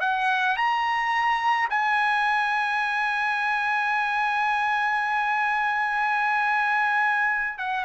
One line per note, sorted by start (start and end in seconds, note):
0.00 0.56 F#5
0.56 1.68 A#5
1.70 7.58 G#5
7.58 7.84 F#5